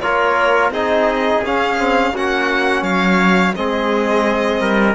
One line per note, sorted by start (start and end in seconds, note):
0.00 0.70 A#3
0.00 0.72 F4
0.00 0.73 A#4
0.00 0.71 C#5
0.70 1.40 C4
0.70 1.43 D#4
0.70 2.14 G#4
0.70 1.44 D#5
1.44 1.78 C#4
1.44 2.13 C#4
1.44 2.16 F5
1.78 2.13 C4
2.13 2.82 A#3
2.13 3.54 C#4
2.13 2.82 F#4
2.13 2.83 F#5
2.82 3.52 F#3
2.82 3.52 C#5
2.82 3.54 F5
3.54 4.59 G#3
3.54 4.94 C4
3.54 4.60 G#4
3.54 4.94 D#5
4.59 4.94 G3
4.59 4.94 A#4